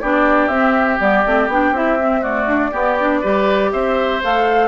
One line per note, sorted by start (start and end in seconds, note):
0.00 0.48 B3
0.00 0.51 D4
0.00 2.21 G4
0.00 0.47 D5
0.47 0.98 C4
0.47 0.99 C4
0.47 0.97 E5
0.99 1.25 G3
0.99 1.24 B3
0.99 1.50 D5
1.25 1.48 A3
1.25 1.50 C4
1.48 1.71 B3
1.48 1.74 D4
1.48 1.76 G5
1.71 2.46 C4
1.71 1.99 E4
1.71 2.23 E5
1.99 2.22 C4
2.21 2.71 A3
2.21 2.70 F#4
2.21 3.72 D5
2.47 2.72 D4
2.71 2.97 B3
2.71 3.23 B3
2.71 3.20 G4
2.99 3.23 D4
3.20 3.73 G3
3.20 4.22 G4
3.20 3.70 B4
3.72 4.22 C4
3.72 4.68 C5
3.72 4.21 E5
4.22 4.68 A3
4.22 4.68 A4
4.22 4.68 F5